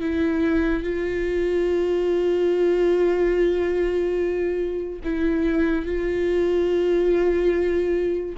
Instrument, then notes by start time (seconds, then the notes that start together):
viola
0.00 E4
0.83 F4
5.04 E4
5.86 F4